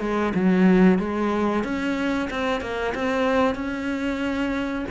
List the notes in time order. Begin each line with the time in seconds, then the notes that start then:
0.00 G#3
0.35 F#3
0.98 G#3
1.64 C#4
2.30 C4
2.61 A#3
2.94 C4
3.55 C#4